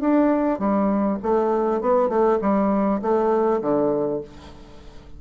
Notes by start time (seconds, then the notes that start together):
0.00 D4
0.59 G3
1.23 A3
1.81 B3
2.09 A3
2.41 G3
3.02 A3
3.61 D3